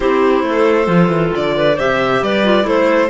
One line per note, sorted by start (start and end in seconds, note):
0.00 0.43 C4
0.00 0.85 E4
0.00 0.44 G4
0.00 1.32 C5
0.43 0.87 A3
0.43 1.56 A4
0.85 1.08 F3
0.85 1.74 F4
1.08 1.30 E3
1.35 1.79 D3
1.35 1.79 D5
1.56 1.75 B4
1.75 2.21 C3
1.75 2.44 G4
1.75 2.20 C5
1.75 2.23 E5
2.21 2.64 G3
2.21 2.66 B4
2.21 2.67 D5
2.44 2.63 F4
2.63 3.08 A3
2.63 3.07 E4
2.63 3.10 A4
2.63 3.10 C5